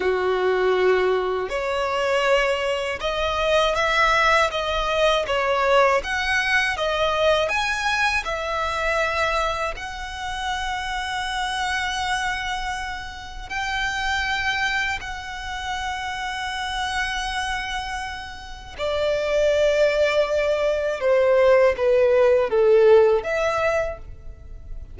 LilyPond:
\new Staff \with { instrumentName = "violin" } { \time 4/4 \tempo 4 = 80 fis'2 cis''2 | dis''4 e''4 dis''4 cis''4 | fis''4 dis''4 gis''4 e''4~ | e''4 fis''2.~ |
fis''2 g''2 | fis''1~ | fis''4 d''2. | c''4 b'4 a'4 e''4 | }